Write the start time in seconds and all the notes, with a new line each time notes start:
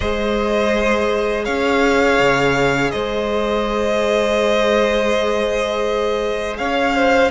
0.00 G#3 G#4 C5 D#5
1.45 C#4 C#5 F5
2.19 C#3
2.91 G#3 C5 D#5
6.57 C#4 C#5 F5
6.95 C5